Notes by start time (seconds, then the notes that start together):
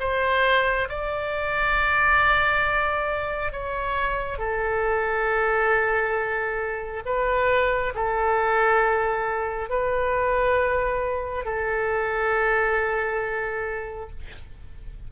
0.00 C5
0.89 D5
3.52 C#5
4.38 A4
7.05 B4
7.95 A4
9.70 B4
11.45 A4